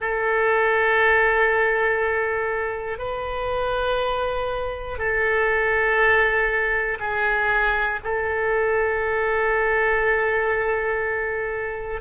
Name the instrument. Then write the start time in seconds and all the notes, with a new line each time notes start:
oboe
0.00 A4
2.98 B4
4.97 A4
6.99 G#4
8.03 A4